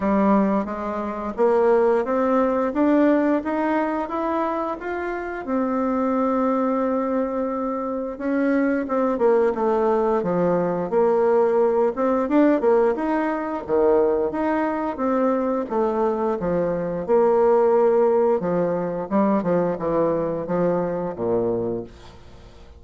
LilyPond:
\new Staff \with { instrumentName = "bassoon" } { \time 4/4 \tempo 4 = 88 g4 gis4 ais4 c'4 | d'4 dis'4 e'4 f'4 | c'1 | cis'4 c'8 ais8 a4 f4 |
ais4. c'8 d'8 ais8 dis'4 | dis4 dis'4 c'4 a4 | f4 ais2 f4 | g8 f8 e4 f4 ais,4 | }